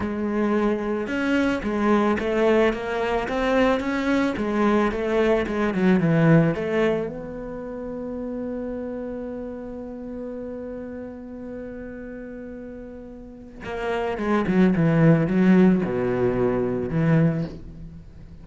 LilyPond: \new Staff \with { instrumentName = "cello" } { \time 4/4 \tempo 4 = 110 gis2 cis'4 gis4 | a4 ais4 c'4 cis'4 | gis4 a4 gis8 fis8 e4 | a4 b2.~ |
b1~ | b1~ | b4 ais4 gis8 fis8 e4 | fis4 b,2 e4 | }